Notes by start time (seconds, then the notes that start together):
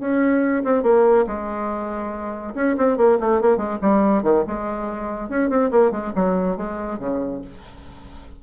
0.00 C#4
0.64 C4
0.83 A#3
1.27 G#3
2.55 C#4
2.77 C4
2.97 A#3
3.20 A3
3.41 A#3
3.57 G#3
3.82 G3
4.23 D#3
4.47 G#3
5.29 C#4
5.49 C4
5.71 A#3
5.92 G#3
6.15 F#3
6.57 G#3
6.99 C#3